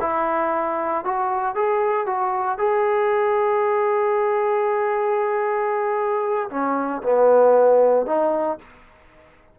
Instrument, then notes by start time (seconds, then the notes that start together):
trombone
0.00 E4
1.04 F#4
1.55 G#4
2.06 F#4
2.58 G#4
6.50 C#4
7.02 B3
8.06 D#4